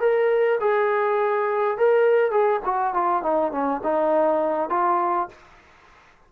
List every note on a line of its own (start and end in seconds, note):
0.00 0.59 A#4
0.60 1.77 G#4
1.77 2.30 A#4
2.30 2.60 G#4
2.65 2.94 F#4
2.94 3.22 F4
3.22 3.51 D#4
3.51 3.81 C#4
3.83 4.69 D#4
4.69 5.28 F4